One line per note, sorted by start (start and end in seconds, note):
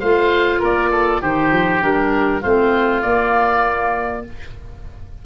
0.00 0.62 A3
0.00 1.22 F4
0.00 0.59 C5
0.00 0.61 F5
0.59 1.22 A#3
0.59 0.90 A#4
0.59 1.23 D5
0.91 1.21 A4
1.21 1.51 D#3
1.21 1.80 D#4
1.21 2.41 G4
1.21 1.83 C5
1.51 1.81 F3
1.80 2.44 G3
1.80 2.41 D4
1.80 2.43 A#4
2.41 3.04 A3
2.41 3.03 C4
2.41 4.23 F4
2.41 3.02 C5
3.02 4.24 A#3
3.02 4.25 A#3
3.02 4.23 D5